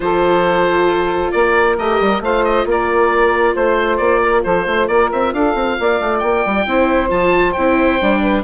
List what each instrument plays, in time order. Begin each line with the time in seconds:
0.00 bassoon F3, viola F4, saxophone A4, oboe C5
1.31 bassoon A#3, saxophone A#4, oboe D5
1.77 bassoon A3, viola G4, oboe D#5
2.00 bassoon G3
2.20 bassoon A3, viola F4, saxophone C5, oboe F5
2.44 oboe D#5
2.65 bassoon A#3, saxophone A#4, oboe D5
3.54 bassoon A3, saxophone C5, oboe C5
3.97 bassoon A#3, oboe D5
4.20 saxophone A#4
4.43 bassoon F3, saxophone A4, oboe C5
4.66 bassoon A3, saxophone C5
4.87 bassoon A#3, saxophone A#4, oboe D5
5.12 bassoon C4, oboe E5
5.33 bassoon D4, saxophone A4, oboe F5
5.54 bassoon C4
5.79 bassoon A#3, saxophone D5
6.00 bassoon A3
6.19 bassoon A#3, oboe G5
6.45 bassoon G3
6.66 bassoon C4, viola E4, saxophone C5
7.09 bassoon F3, viola F4, oboe A5
7.52 bassoon C4, viola E4, oboe G5
8.01 bassoon G3, viola D4
8.21 saxophone B4